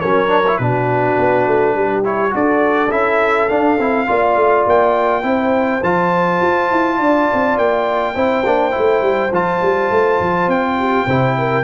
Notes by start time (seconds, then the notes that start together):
0.00 F#3 C#4 A#4 C#5
0.28 D4
0.47 E4
0.57 B2 D4 F#4 B4
1.18 B3
1.47 A3
1.75 G3 G4
2.04 E4 C#5
2.30 D4 F#4 A4 D5
2.90 C#4 E4 E5
3.49 D4 F5
3.79 C4 E4
4.07 A#3 F4 D5
4.36 A3
4.66 A#3 G5
5.23 C4 E4 C5
5.82 F3 F4 A5
6.41 F4
6.71 E4
6.98 D4 D5
7.33 C4
7.57 A#3 G5
8.15 C4 E4 C5
8.45 A#3 D4
8.71 E4
8.78 A3
9.01 G3
9.31 F3 F4 A5
9.62 G3
9.91 A3
10.20 F3
10.47 C4 G5
10.79 G4
11.06 C3 E4 C5
11.38 A#4